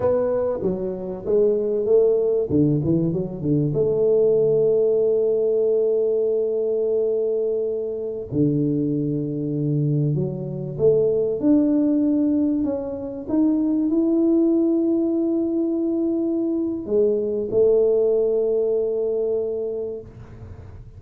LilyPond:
\new Staff \with { instrumentName = "tuba" } { \time 4/4 \tempo 4 = 96 b4 fis4 gis4 a4 | d8 e8 fis8 d8 a2~ | a1~ | a4~ a16 d2~ d8.~ |
d16 fis4 a4 d'4.~ d'16~ | d'16 cis'4 dis'4 e'4.~ e'16~ | e'2. gis4 | a1 | }